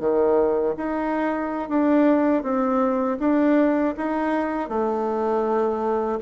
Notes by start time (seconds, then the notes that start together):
0.00 D#3
0.77 D#4
1.69 D4
2.43 C4
3.20 D4
3.97 D#4
4.69 A3